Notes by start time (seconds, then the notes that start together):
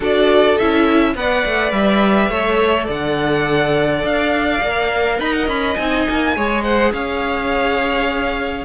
0.00 D4 F#4 A4 D5
0.57 C#4 E4 E5
1.14 B3 B4 D5 F#5
1.45 A3
1.71 G3 E5
2.29 A3 A4 C#5
2.85 D3 D5 F#5
4.03 D4 F5
4.62 A#3 A#4
5.19 D#4 D#5 B5
5.32 F#5
5.47 C#4 B5
5.75 C4 D#4 G#5
6.09 A#3
6.36 G#3 G#4 C#5
6.63 C5 F#5
6.92 C#4 C#5 F5